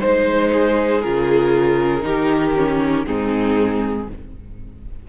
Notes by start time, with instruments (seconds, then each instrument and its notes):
0.00 cello G#3, viola D#4, violin C5
0.52 violin G#4
1.02 cello C#3, viola F4, violin A#4
2.01 cello D#3, viola D#4, violin G4
2.57 viola C#4
3.06 cello G#2, viola C4, violin D#4 G#4